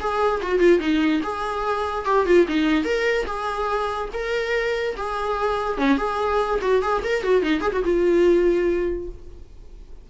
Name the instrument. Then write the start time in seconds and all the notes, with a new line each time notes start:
viola
0.00 G#4
0.42 F#4
0.59 F4
0.80 D#4
1.23 G#4
2.05 G4
2.26 F4
2.48 D#4
2.85 A#4
3.26 G#4
4.13 A#4
4.97 G#4
5.78 C#4
5.98 G#4
6.61 F#4
6.82 G#4
7.04 A#4
7.23 F#4
7.42 D#4
7.61 G#4
7.72 F#4
7.84 F4